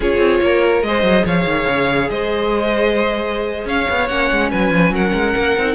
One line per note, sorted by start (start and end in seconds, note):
0.00 0.18 C#4
0.00 0.85 F4
0.00 0.41 G#4
0.00 0.83 C#5
0.18 0.39 C4
0.41 0.82 A#3
0.41 0.86 A#4
0.82 1.02 G#3
0.82 4.09 G#4
0.82 1.25 C5
0.82 1.24 D#5
1.02 1.23 F#3
1.25 1.44 F3
1.25 2.09 C#5
1.25 2.10 F5
1.44 1.65 D#3
1.68 2.10 C#3
2.10 3.65 G#3
2.10 3.67 C5
2.10 3.67 D#5
3.65 3.86 C#4
3.65 4.51 C#5
3.65 4.07 F5
3.89 4.09 B3
4.07 4.30 A#3
4.07 5.56 C#4
4.07 4.49 F#5
4.31 4.52 G#3
4.51 4.70 F#3
4.51 4.93 B4
4.51 4.93 G#5
4.70 4.90 F3
4.90 5.11 F#3
4.90 5.74 A#4
4.90 5.74 F#5
5.13 5.34 G#3
5.35 5.56 A#3
5.57 5.74 C4
5.57 5.74 D#4